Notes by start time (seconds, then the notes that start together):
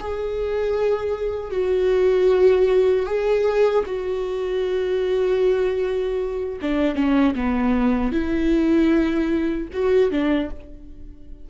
0.00 G#4
1.51 F#4
3.06 G#4
3.86 F#4
6.62 D4
6.96 C#4
7.35 B3
8.12 E4
9.73 F#4
10.11 D4